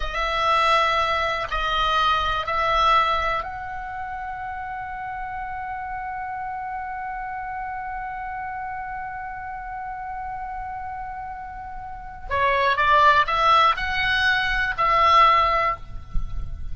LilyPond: \new Staff \with { instrumentName = "oboe" } { \time 4/4 \tempo 4 = 122 e''2. dis''4~ | dis''4 e''2 fis''4~ | fis''1~ | fis''1~ |
fis''1~ | fis''1~ | fis''4 cis''4 d''4 e''4 | fis''2 e''2 | }